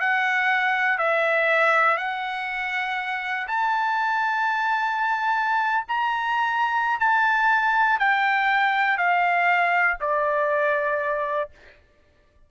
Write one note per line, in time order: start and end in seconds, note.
0.00 0.98 F#5
0.98 1.97 E5
1.97 3.47 F#5
3.48 5.85 A5
5.88 7.00 A#5
7.00 7.99 A5
7.99 8.97 G5
8.97 9.97 F5
10.00 11.50 D5